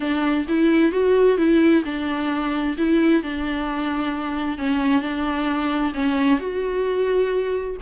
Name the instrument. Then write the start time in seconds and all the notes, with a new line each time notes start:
viola
0.00 D4
0.48 E4
0.92 F#4
1.37 E4
1.84 D4
2.77 E4
3.22 D4
4.58 C#4
5.01 D4
5.94 C#4
6.39 F#4